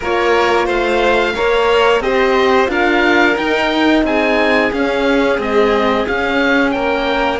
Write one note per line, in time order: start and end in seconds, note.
0.00 0.67 A#3
0.00 1.35 F4
0.00 0.65 A#4
0.00 0.68 C#5
0.65 1.34 A3
0.65 1.32 C5
0.65 2.02 F5
1.34 1.99 A#3
1.34 2.02 A#4
1.34 2.02 C#5
1.99 2.67 C4
1.99 2.67 G4
1.99 2.70 C5
1.99 2.69 D#5
2.67 3.36 D4
2.67 3.34 F4
2.67 4.04 A#4
2.67 3.37 F5
3.37 4.03 D#4
3.37 4.73 D#4
3.37 4.04 G5
4.03 4.70 C4
4.03 6.74 G#4
4.03 4.73 G#5
4.72 5.38 C#4
4.72 5.40 F5
5.38 6.05 G#3
5.38 6.05 C4
5.38 6.07 D#5
6.07 7.39 C#4
6.07 6.75 C#4
6.07 6.71 F5
6.71 7.39 A#3
6.71 7.39 A#4
6.71 7.38 G5